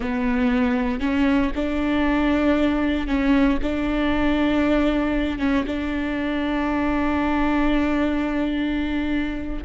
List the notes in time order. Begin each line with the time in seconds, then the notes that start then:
0.00 B3
1.00 C#4
1.55 D4
3.07 C#4
3.62 D4
5.38 C#4
5.66 D4